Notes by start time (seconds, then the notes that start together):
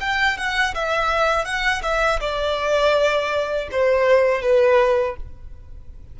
0.00 G5
0.37 F#5
0.74 E5
1.45 F#5
1.82 E5
2.20 D5
3.71 C5
4.42 B4